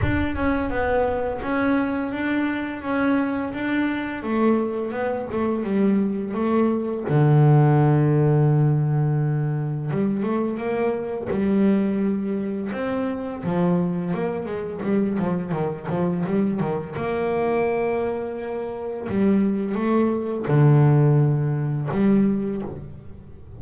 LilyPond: \new Staff \with { instrumentName = "double bass" } { \time 4/4 \tempo 4 = 85 d'8 cis'8 b4 cis'4 d'4 | cis'4 d'4 a4 b8 a8 | g4 a4 d2~ | d2 g8 a8 ais4 |
g2 c'4 f4 | ais8 gis8 g8 f8 dis8 f8 g8 dis8 | ais2. g4 | a4 d2 g4 | }